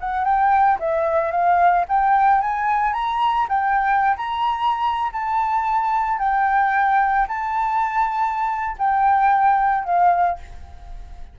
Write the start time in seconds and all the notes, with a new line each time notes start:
0.00 F#5
0.25 G5
0.79 E5
1.31 F5
1.89 G5
2.41 G#5
2.94 A#5
3.49 G5
4.17 A#5
5.13 A5
6.19 G5
7.28 A5
8.78 G5
9.85 F5